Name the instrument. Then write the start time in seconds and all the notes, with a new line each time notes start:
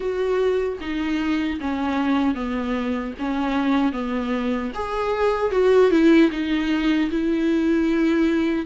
viola
0.00 F#4
0.80 D#4
1.60 C#4
2.34 B3
3.18 C#4
3.92 B3
4.74 G#4
5.51 F#4
5.90 E4
6.31 D#4
7.11 E4